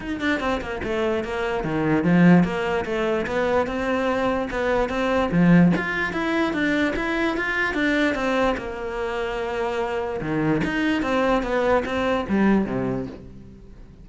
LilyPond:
\new Staff \with { instrumentName = "cello" } { \time 4/4 \tempo 4 = 147 dis'8 d'8 c'8 ais8 a4 ais4 | dis4 f4 ais4 a4 | b4 c'2 b4 | c'4 f4 f'4 e'4 |
d'4 e'4 f'4 d'4 | c'4 ais2.~ | ais4 dis4 dis'4 c'4 | b4 c'4 g4 c4 | }